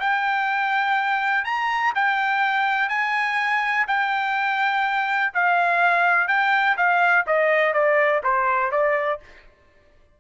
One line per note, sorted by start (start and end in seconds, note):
0.00 1.45 G5
1.45 1.93 A#5
1.95 2.89 G5
2.89 3.86 G#5
3.88 5.33 G5
5.34 6.28 F5
6.28 6.76 G5
6.77 7.25 F5
7.27 7.74 D#5
7.74 8.22 D5
8.23 8.71 C5
8.71 9.20 D5